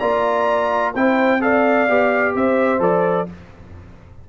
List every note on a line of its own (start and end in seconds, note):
0.00 0.96 A#3
0.00 0.95 F4
0.00 0.94 D5
0.00 0.94 A#5
0.95 1.90 C4
0.95 1.41 E4
0.95 1.41 C5
0.95 1.42 G5
1.41 1.88 A4
1.41 2.36 D5
1.41 2.36 F5
1.89 2.35 B3
1.89 2.80 G4
2.35 2.80 C4
2.35 3.29 C5
2.35 2.83 E5
2.80 3.27 F3
2.80 3.27 A4
2.80 3.29 D5